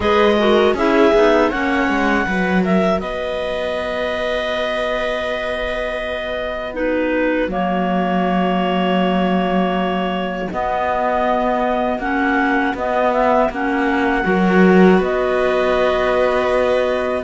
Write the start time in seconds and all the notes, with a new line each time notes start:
0.00 G#3 G#4 B4 D#5
0.38 F#4 A#4
0.73 C#4 E4 G#4 E5
1.14 B3 D#4
1.49 A#3 C#4 C#5 F#5
1.88 G#3
2.25 F#3 F#4 B4
2.63 A#4 E5
2.99 B3 B4 D#5
6.73 D#4 F#4 B4
7.47 F#3 A#3 C#5
10.51 B3 D#5
11.98 A#3 C#4 F#5
12.74 B3 D#5
13.12 E5
13.49 A#3 C#4 F#5
14.23 F#3 F#4 A#4
14.98 B3 B4 D#5